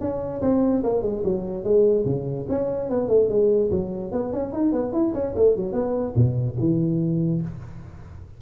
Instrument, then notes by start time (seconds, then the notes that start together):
tuba
0.00 C#4
0.41 C4
0.83 A#3
1.02 G#3
1.24 F#3
1.64 G#3
2.05 C#3
2.49 C#4
2.90 B3
3.08 A3
3.29 G#3
3.71 F#3
4.12 B3
4.32 C#4
4.52 D#4
4.72 B3
4.93 E4
5.14 C#4
5.36 A3
5.56 F#3
5.73 B3
6.15 B2
6.59 E3